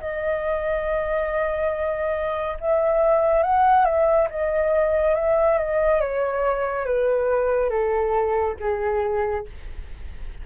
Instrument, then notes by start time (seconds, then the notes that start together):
flute
0.00 D#5
2.60 E5
3.43 F#5
3.85 E5
4.30 D#5
5.15 E5
5.58 D#5
6.00 C#5
6.85 B4
7.69 A4
8.60 G#4